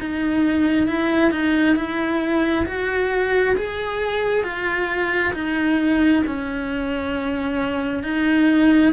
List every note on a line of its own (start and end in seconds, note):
0.00 0.87 D#4
0.87 1.31 E4
1.31 1.76 D#4
1.76 2.65 E4
2.66 3.56 F#4
3.57 4.44 G#4
4.44 5.33 F4
5.34 6.23 D#4
6.26 8.03 C#4
8.03 8.93 D#4